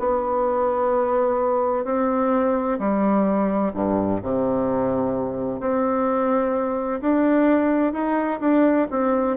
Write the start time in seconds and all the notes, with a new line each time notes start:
0.00 B3
1.85 C4
2.79 G3
3.74 G2
4.23 C3
5.60 C4
7.01 D4
7.93 D#4
8.41 D4
8.91 C4